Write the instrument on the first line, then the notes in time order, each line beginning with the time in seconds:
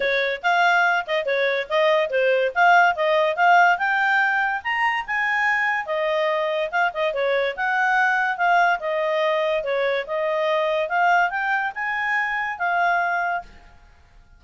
clarinet
0.00 C#5
0.43 F5
1.06 D#5
1.25 C#5
1.69 D#5
2.10 C5
2.54 F5
2.95 D#5
3.36 F5
3.78 G5
4.63 A#5
5.06 G#5
5.86 D#5
6.71 F5
6.93 D#5
7.13 C#5
7.56 F#5
8.37 F5
8.79 D#5
9.63 C#5
10.06 D#5
10.89 F5
11.29 G5
11.75 G#5
12.58 F5